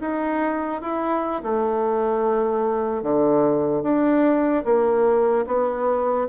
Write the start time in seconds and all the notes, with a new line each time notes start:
0.00 D#4
0.81 E4
1.42 A3
3.03 D3
3.83 D4
4.64 A#3
5.46 B3